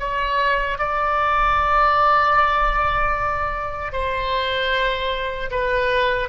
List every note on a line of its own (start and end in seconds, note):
0.00 0.79 C#5
0.79 3.93 D5
3.93 5.51 C5
5.52 6.29 B4